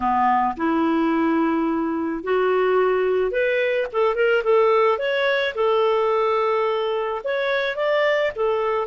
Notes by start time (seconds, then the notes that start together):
0.00 B3
0.57 E4
2.23 F#4
3.31 B4
3.92 A4
4.15 A#4
4.43 A4
4.98 C#5
5.54 A4
7.23 C#5
7.76 D5
8.35 A4